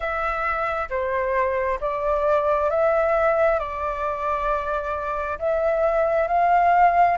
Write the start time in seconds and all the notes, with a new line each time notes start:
0.00 E5
0.89 C5
1.80 D5
2.70 E5
3.59 D5
5.38 E5
6.27 F5